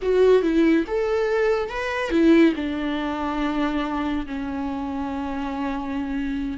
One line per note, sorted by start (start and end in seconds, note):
0.02 0.42 F#4
0.42 0.85 E4
0.87 1.69 A4
1.69 2.10 B4
2.10 2.53 E4
2.55 4.26 D4
4.26 6.57 C#4